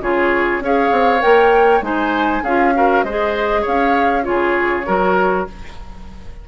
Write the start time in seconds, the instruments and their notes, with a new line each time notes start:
0.00 bassoon C#3, clarinet F4, oboe G#4, flute C#5
0.60 bassoon C#4, clarinet G#4, oboe C#5, flute F5
0.91 bassoon C4
1.19 bassoon A#3, clarinet A#4, flute G5
1.81 bassoon G#3, clarinet D#4, oboe C5, flute G#5
2.42 bassoon C#4, clarinet F4, oboe G#4, flute F5
2.74 clarinet F#4, oboe A#4
3.03 bassoon G#3, clarinet G#4, oboe C5, flute D#5
3.61 bassoon C#4, oboe C#5, flute F5
4.22 bassoon C#3, clarinet F4, oboe G#4, flute C#5
4.86 bassoon F#3, clarinet F#4, oboe A#4